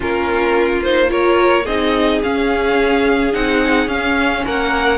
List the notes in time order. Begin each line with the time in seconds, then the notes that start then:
0.00 A#3 C#4 F4 A#4
0.82 D#4 C5
1.07 F4 A#4 C#5
1.64 C4 D#4 G#4 D#5
2.23 C#4 F5
3.32 C4 D#4 F#5
3.86 C#4 F5
4.44 A#3 A#4 F#5